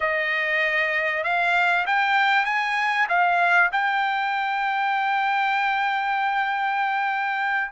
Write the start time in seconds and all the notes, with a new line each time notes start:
0.00 D#5
1.23 F5
1.86 G5
2.45 G#5
3.08 F5
3.72 G5